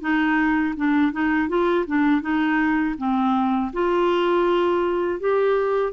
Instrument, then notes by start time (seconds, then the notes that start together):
clarinet
0.00 D#4
0.76 D4
1.12 D#4
1.48 F4
1.87 D4
2.21 D#4
2.97 C4
3.73 F4
5.20 G4